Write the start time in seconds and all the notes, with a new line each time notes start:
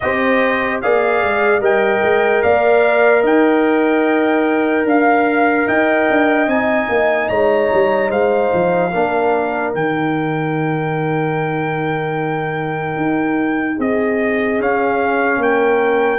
0.00 C4 G4 C5 D#5
0.81 A#3 G#4 D5 F5
1.23 G#3
1.59 G3 A#4 D#5 G5
2.02 G#3
2.42 A#3 D5 F5
3.22 D#4 D#5 G5
4.85 D4 F5
5.67 D#4 D#5 G5
6.09 D4
6.47 C4 D#4 G#5
6.89 A#3
7.29 G#3 C#5 A#5
7.73 G3
8.09 G#3 C5 F5
8.53 F3
8.91 A#3 D4 A#4
9.74 D#3 D#4 G5
12.96 D#4
13.76 C4 G#4 D#5
14.59 C#4 F5
15.37 A#3 A#4 G5